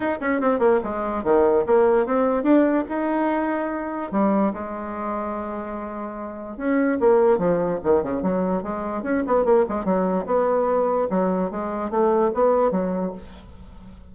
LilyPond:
\new Staff \with { instrumentName = "bassoon" } { \time 4/4 \tempo 4 = 146 dis'8 cis'8 c'8 ais8 gis4 dis4 | ais4 c'4 d'4 dis'4~ | dis'2 g4 gis4~ | gis1 |
cis'4 ais4 f4 dis8 cis8 | fis4 gis4 cis'8 b8 ais8 gis8 | fis4 b2 fis4 | gis4 a4 b4 fis4 | }